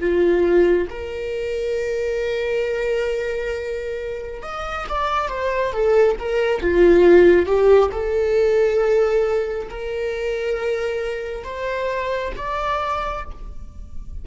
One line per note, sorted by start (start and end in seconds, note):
0.00 0.88 F4
0.89 4.42 A#4
4.42 4.86 D#5
4.89 5.29 D5
5.29 5.73 C5
5.73 6.17 A4
6.19 6.61 A#4
6.61 7.46 F4
7.46 7.90 G4
7.92 9.68 A4
9.70 11.44 A#4
11.44 12.32 C5
12.36 13.25 D5